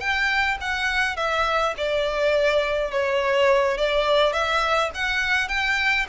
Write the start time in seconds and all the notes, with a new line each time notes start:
0.00 G5
0.61 F#5
1.17 E5
1.77 D5
2.91 C#5
3.78 D5
4.33 E5
4.94 F#5
5.49 G5